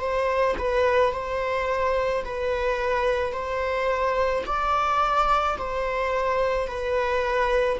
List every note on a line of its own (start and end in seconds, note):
0.00 0.56 C5
0.59 1.13 B4
1.13 2.24 C5
2.24 3.33 B4
3.33 4.44 C5
4.46 5.58 D5
5.58 6.68 C5
6.68 7.79 B4